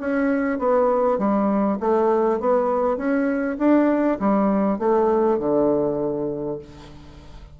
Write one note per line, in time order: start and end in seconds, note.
0.00 0.59 C#4
0.59 1.18 B3
1.18 1.78 G3
1.80 2.40 A3
2.40 2.97 B3
2.97 3.57 C#4
3.58 4.18 D4
4.20 4.79 G3
4.79 5.39 A3
5.39 6.59 D3